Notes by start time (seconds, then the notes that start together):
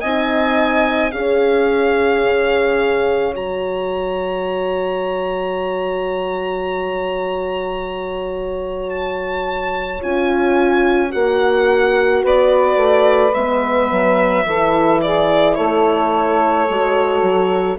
0.00 C4 D#4 D#5 G#5
1.11 C#4 G#4 C#5 F5
2.24 C#3
3.34 F#3 F#4 A#5
8.89 A5
10.01 C#4 F4 G#5
11.09 A#3 F#4 F#5
12.22 B3 B4 D5
12.76 A3
13.34 G#3 B3 E5
13.90 F#3
14.45 E3 E4 A4
15.01 G#4 D5
15.55 A3 A4 C#5
16.69 G#3 F#4
17.22 F#3